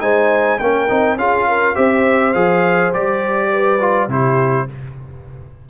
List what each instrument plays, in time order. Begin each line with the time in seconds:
0.00 tuba G#3, trombone D#4, horn C5, trumpet G#5
0.59 tuba A#3, trombone C#4, horn A#4, trumpet G5
0.88 tuba C4, trombone D#4
1.16 tuba C#4, trombone F4, horn G#4, trumpet F5
1.48 horn A#4
1.75 tuba C4, trombone G4, horn C5, trumpet E5
2.33 tuba F3, trombone G#4, trumpet F5
2.93 tuba G3, trombone G4, trumpet D5
3.50 horn B4
3.80 trombone F4
4.07 tuba C3, trombone E4, horn G4, trumpet C5